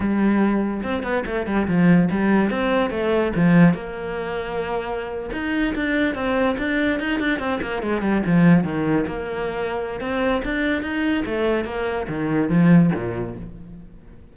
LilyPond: \new Staff \with { instrumentName = "cello" } { \time 4/4 \tempo 4 = 144 g2 c'8 b8 a8 g8 | f4 g4 c'4 a4 | f4 ais2.~ | ais8. dis'4 d'4 c'4 d'16~ |
d'8. dis'8 d'8 c'8 ais8 gis8 g8 f16~ | f8. dis4 ais2~ ais16 | c'4 d'4 dis'4 a4 | ais4 dis4 f4 ais,4 | }